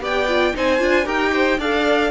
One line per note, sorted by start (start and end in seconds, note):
0.00 0.53 B3
0.00 0.27 G4
0.00 0.55 D5
0.00 0.56 G5
0.29 0.54 F4
0.54 0.81 C4
0.54 0.79 D#4
0.54 1.05 C5
0.54 1.08 G#5
0.79 1.06 D4
0.79 1.05 F4
1.05 1.59 D#4
1.05 1.58 G4
1.05 1.32 A#4
1.05 1.60 G5
1.33 1.59 C5
1.59 2.11 D4
1.59 2.11 A4
1.59 2.11 D5
1.59 2.11 F5